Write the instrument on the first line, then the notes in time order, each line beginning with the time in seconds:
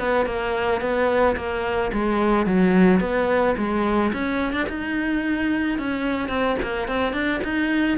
cello
0.00 B3
0.26 A#3
0.81 B3
1.37 A#3
1.93 G#3
2.47 F#3
3.01 B3
3.58 G#3
4.14 C#4
4.53 D4
4.69 D#4
5.79 C#4
6.29 C4
6.63 A#3
6.88 C4
7.14 D4
7.44 D#4